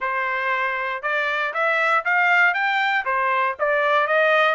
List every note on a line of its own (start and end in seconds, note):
0.00 1.02 C5
1.02 1.53 D5
1.53 2.04 E5
2.04 2.54 F5
2.54 3.05 G5
3.05 3.56 C5
3.59 4.07 D5
4.07 4.55 D#5